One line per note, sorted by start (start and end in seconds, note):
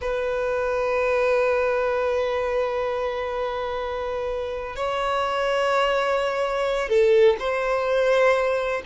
0.01 4.76 B4
4.76 6.89 C#5
6.89 7.36 A4
7.39 8.82 C5